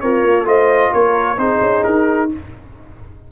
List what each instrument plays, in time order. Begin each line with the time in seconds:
0.00 tuba C4, horn F4, trombone A#4, trumpet C#5
0.23 tuba A#3
0.45 tuba A3, trombone F4, horn C5, trumpet D#5
0.92 tuba A#3, horn A#4, trumpet C#5
1.37 tuba C4, trombone D#4, horn G#4, trumpet C5
1.61 tuba C#4
1.83 tuba D#4, trumpet A#4